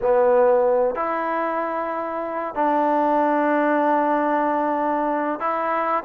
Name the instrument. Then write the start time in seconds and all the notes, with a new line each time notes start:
trombone
0.01 B3
0.95 E4
2.54 D4
5.39 E4